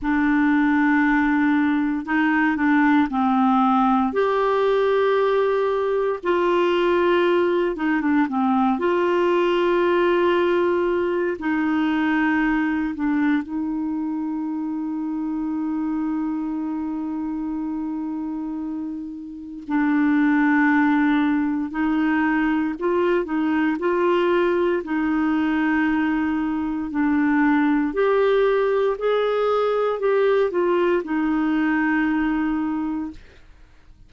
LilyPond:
\new Staff \with { instrumentName = "clarinet" } { \time 4/4 \tempo 4 = 58 d'2 dis'8 d'8 c'4 | g'2 f'4. dis'16 d'16 | c'8 f'2~ f'8 dis'4~ | dis'8 d'8 dis'2.~ |
dis'2. d'4~ | d'4 dis'4 f'8 dis'8 f'4 | dis'2 d'4 g'4 | gis'4 g'8 f'8 dis'2 | }